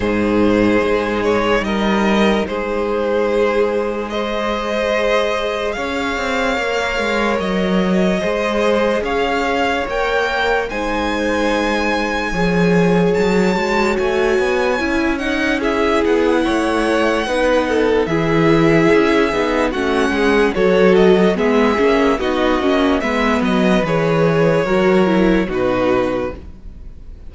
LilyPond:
<<
  \new Staff \with { instrumentName = "violin" } { \time 4/4 \tempo 4 = 73 c''4. cis''8 dis''4 c''4~ | c''4 dis''2 f''4~ | f''4 dis''2 f''4 | g''4 gis''2. |
a''4 gis''4. fis''8 e''8 fis''8~ | fis''2 e''2 | fis''4 cis''8 dis''8 e''4 dis''4 | e''8 dis''8 cis''2 b'4 | }
  \new Staff \with { instrumentName = "violin" } { \time 4/4 gis'2 ais'4 gis'4~ | gis'4 c''2 cis''4~ | cis''2 c''4 cis''4~ | cis''4 c''2 cis''4~ |
cis''2. gis'4 | cis''4 b'8 a'8 gis'2 | fis'8 gis'8 a'4 gis'4 fis'4 | b'2 ais'4 fis'4 | }
  \new Staff \with { instrumentName = "viola" } { \time 4/4 dis'1~ | dis'4 gis'2. | ais'2 gis'2 | ais'4 dis'2 gis'4~ |
gis'8 fis'4. e'8 dis'8 e'4~ | e'4 dis'4 e'4. dis'8 | cis'4 fis'4 b8 cis'8 dis'8 cis'8 | b4 gis'4 fis'8 e'8 dis'4 | }
  \new Staff \with { instrumentName = "cello" } { \time 4/4 gis,4 gis4 g4 gis4~ | gis2. cis'8 c'8 | ais8 gis8 fis4 gis4 cis'4 | ais4 gis2 f4 |
fis8 gis8 a8 b8 cis'4. b8 | a4 b4 e4 cis'8 b8 | a8 gis8 fis4 gis8 ais8 b8 ais8 | gis8 fis8 e4 fis4 b,4 | }
>>